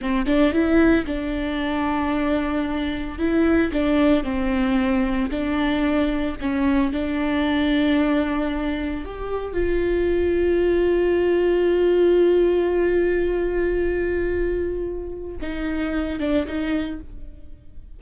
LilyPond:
\new Staff \with { instrumentName = "viola" } { \time 4/4 \tempo 4 = 113 c'8 d'8 e'4 d'2~ | d'2 e'4 d'4 | c'2 d'2 | cis'4 d'2.~ |
d'4 g'4 f'2~ | f'1~ | f'1~ | f'4 dis'4. d'8 dis'4 | }